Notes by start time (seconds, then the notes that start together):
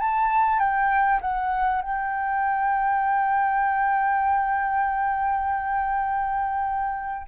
0.00 A5
0.59 G5
1.21 F#5
1.82 G5